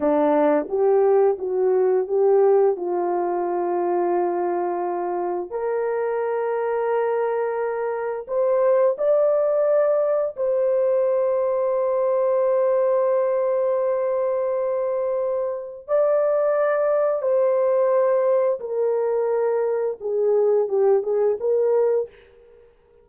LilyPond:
\new Staff \with { instrumentName = "horn" } { \time 4/4 \tempo 4 = 87 d'4 g'4 fis'4 g'4 | f'1 | ais'1 | c''4 d''2 c''4~ |
c''1~ | c''2. d''4~ | d''4 c''2 ais'4~ | ais'4 gis'4 g'8 gis'8 ais'4 | }